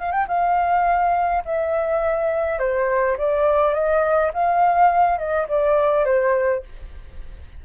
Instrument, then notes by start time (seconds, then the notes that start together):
flute
0.00 F5
0.12 G5
0.28 F5
1.45 E5
2.59 C5
3.18 D5
3.74 D#5
4.34 F5
5.18 D#5
5.48 D5
6.05 C5